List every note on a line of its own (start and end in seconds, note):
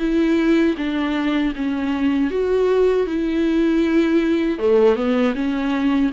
0.00 0.76 E4
0.78 1.54 D4
1.56 2.31 C#4
2.31 3.07 F#4
3.07 4.59 E4
4.59 4.96 A3
4.96 5.34 B3
5.35 6.11 C#4